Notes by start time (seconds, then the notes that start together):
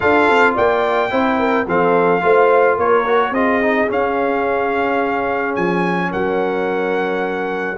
0.00 D4 F4 A4 F5
0.29 C4
0.54 A#3 D5 G5
1.10 C4 E4 C5
1.39 A#4
1.66 F3 C4 A4 F5
2.20 A3 F4 C5
2.76 A#3 A#4 C#5
3.06 F#4
3.30 C4 F4 G#4 D#5
3.62 D#4
3.87 C#4 F5
5.55 F3 G#5
6.10 F#3 A#4 F#5